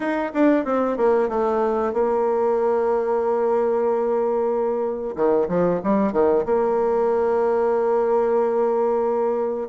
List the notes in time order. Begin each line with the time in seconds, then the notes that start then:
0.00 D#4
0.33 D4
0.65 C4
0.97 A#3
1.28 A3
1.93 A#3
5.16 D#3
5.48 F3
5.83 G3
6.12 D#3
6.45 A#3